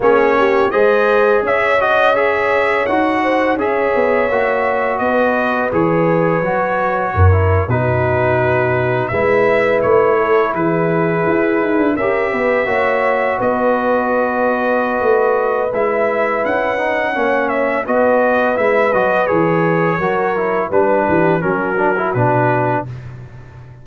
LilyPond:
<<
  \new Staff \with { instrumentName = "trumpet" } { \time 4/4 \tempo 4 = 84 cis''4 dis''4 e''8 dis''8 e''4 | fis''4 e''2 dis''4 | cis''2~ cis''8. b'4~ b'16~ | b'8. e''4 cis''4 b'4~ b'16~ |
b'8. e''2 dis''4~ dis''16~ | dis''2 e''4 fis''4~ | fis''8 e''8 dis''4 e''8 dis''8 cis''4~ | cis''4 b'4 ais'4 b'4 | }
  \new Staff \with { instrumentName = "horn" } { \time 4/4 gis'8 g'8 c''4 cis''2~ | cis''8 c''8 cis''2 b'4~ | b'2 ais'8. fis'4~ fis'16~ | fis'8. b'4. a'8 gis'4~ gis'16~ |
gis'8. ais'8 b'8 cis''4 b'4~ b'16~ | b'1 | cis''4 b'2. | ais'4 b'8 g'8 fis'2 | }
  \new Staff \with { instrumentName = "trombone" } { \time 4/4 cis'4 gis'4. fis'8 gis'4 | fis'4 gis'4 fis'2 | gis'4 fis'4~ fis'16 e'8 dis'4~ dis'16~ | dis'8. e'2.~ e'16~ |
e'8. g'4 fis'2~ fis'16~ | fis'2 e'4. dis'8 | cis'4 fis'4 e'8 fis'8 gis'4 | fis'8 e'8 d'4 cis'8 d'16 e'16 d'4 | }
  \new Staff \with { instrumentName = "tuba" } { \time 4/4 ais4 gis4 cis'2 | dis'4 cis'8 b8 ais4 b4 | e4 fis4 fis,8. b,4~ b,16~ | b,8. gis4 a4 e4 e'16~ |
e'16 dis'16 d'16 cis'8 b8 ais4 b4~ b16~ | b4 a4 gis4 cis'4 | ais4 b4 gis8 fis8 e4 | fis4 g8 e8 fis4 b,4 | }
>>